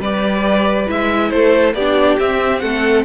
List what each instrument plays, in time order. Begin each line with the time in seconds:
0.00 cello G3, viola G4, violin B4 D5
0.87 cello G#3, viola E4, violin E5
1.31 cello A3, violin A4 C5
1.74 cello B3, viola D4, violin G4 D5
2.20 cello C4, viola C4, violin E5
2.60 cello A3, violin A4 F#5